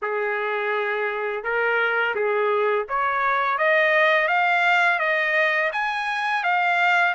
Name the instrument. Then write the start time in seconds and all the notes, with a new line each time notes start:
trumpet
0.02 G#4
1.43 A#4
2.15 G#4
2.89 C#5
3.57 D#5
4.28 F5
4.99 D#5
5.72 G#5
6.43 F5